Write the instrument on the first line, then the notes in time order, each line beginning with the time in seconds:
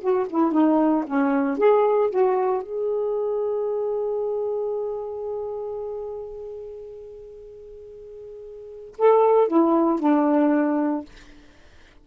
saxophone
0.00 F#4
0.29 E4
0.51 D#4
1.06 C#4
1.57 G#4
2.10 F#4
2.62 G#4
8.98 A4
9.48 E4
9.99 D4